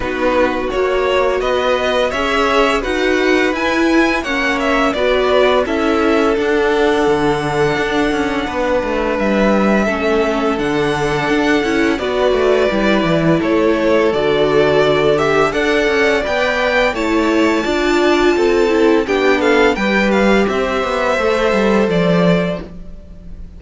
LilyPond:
<<
  \new Staff \with { instrumentName = "violin" } { \time 4/4 \tempo 4 = 85 b'4 cis''4 dis''4 e''4 | fis''4 gis''4 fis''8 e''8 d''4 | e''4 fis''2.~ | fis''4 e''2 fis''4~ |
fis''4 d''2 cis''4 | d''4. e''8 fis''4 g''4 | a''2. g''8 f''8 | g''8 f''8 e''2 d''4 | }
  \new Staff \with { instrumentName = "violin" } { \time 4/4 fis'2 b'4 cis''4 | b'2 cis''4 b'4 | a'1 | b'2 a'2~ |
a'4 b'2 a'4~ | a'2 d''2 | cis''4 d''4 a'4 g'8 a'8 | b'4 c''2. | }
  \new Staff \with { instrumentName = "viola" } { \time 4/4 dis'4 fis'2 gis'4 | fis'4 e'4 cis'4 fis'4 | e'4 d'2.~ | d'2 cis'4 d'4~ |
d'8 e'8 fis'4 e'2 | fis'4. g'8 a'4 b'4 | e'4 f'4. e'8 d'4 | g'2 a'2 | }
  \new Staff \with { instrumentName = "cello" } { \time 4/4 b4 ais4 b4 cis'4 | dis'4 e'4 ais4 b4 | cis'4 d'4 d4 d'8 cis'8 | b8 a8 g4 a4 d4 |
d'8 cis'8 b8 a8 g8 e8 a4 | d2 d'8 cis'8 b4 | a4 d'4 c'4 b4 | g4 c'8 b8 a8 g8 f4 | }
>>